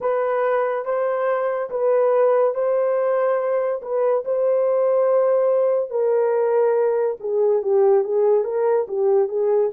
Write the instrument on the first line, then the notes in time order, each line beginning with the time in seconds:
horn
0.00 B4
0.85 C5
1.70 B4
2.54 C5
3.81 B4
4.24 C5
5.90 A#4
7.20 G#4
7.62 G4
8.04 G#4
8.44 A#4
8.88 G4
9.28 G#4